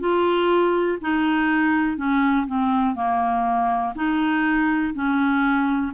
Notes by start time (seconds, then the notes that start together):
0.00 F4
1.01 D#4
1.97 C#4
2.47 C4
2.96 A#3
3.96 D#4
4.94 C#4